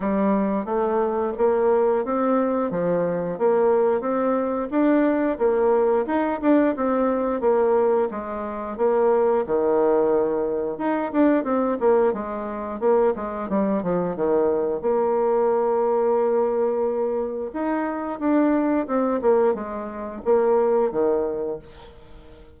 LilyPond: \new Staff \with { instrumentName = "bassoon" } { \time 4/4 \tempo 4 = 89 g4 a4 ais4 c'4 | f4 ais4 c'4 d'4 | ais4 dis'8 d'8 c'4 ais4 | gis4 ais4 dis2 |
dis'8 d'8 c'8 ais8 gis4 ais8 gis8 | g8 f8 dis4 ais2~ | ais2 dis'4 d'4 | c'8 ais8 gis4 ais4 dis4 | }